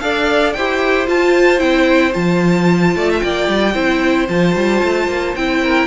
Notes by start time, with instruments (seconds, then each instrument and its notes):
0.00 cello D4, viola A4, violin D5 F5
0.53 cello E4, viola G4, violin C5 G5
1.07 cello F4, viola F4, violin A5
1.58 cello C4, viola E4, violin G5
2.12 cello F3, viola F4, violin A5
2.95 cello A3, violin D5
3.10 violin E5
3.19 cello A#3, violin D5 G5
3.48 cello G3
3.74 cello C4, viola E4, violin C5
4.29 cello F3, viola F4, violin A5
4.55 cello G3
4.83 cello A3
5.08 cello A#3
5.36 cello C4, viola E4, violin G5
5.62 violin A#4